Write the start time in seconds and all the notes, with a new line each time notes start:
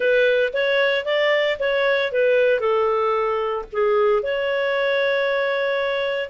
0.00 B4
0.53 C#5
1.04 D5
1.59 C#5
2.11 B4
2.60 A4
3.72 G#4
4.22 C#5